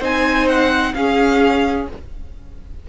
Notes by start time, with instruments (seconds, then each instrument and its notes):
0.00 cello C4, viola D#4, violin C5 G#5
0.48 violin F#5
0.94 cello C#4, viola C#4, violin G#4 F5